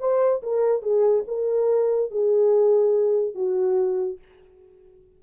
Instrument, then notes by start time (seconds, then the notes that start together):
horn
0.00 C5
0.43 A#4
0.82 G#4
1.28 A#4
2.11 G#4
3.35 F#4